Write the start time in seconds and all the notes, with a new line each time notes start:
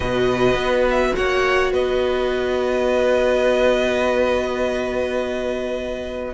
0.00 B2 F#4 B4 D#5
0.54 B3
0.90 E5
1.15 A#3 C#5 F#5
1.72 B3 B4 D#5